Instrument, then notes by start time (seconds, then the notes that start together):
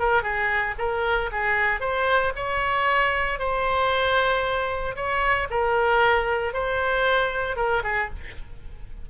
oboe
0.00 A#4
0.23 G#4
0.79 A#4
1.32 G#4
1.81 C5
2.36 C#5
3.39 C5
4.96 C#5
5.50 A#4
6.54 C5
7.57 A#4
7.84 G#4